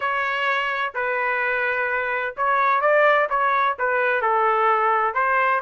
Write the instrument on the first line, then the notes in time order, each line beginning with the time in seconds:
trumpet
0.00 C#5
0.94 B4
2.36 C#5
2.81 D5
3.29 C#5
3.78 B4
4.21 A4
5.14 C5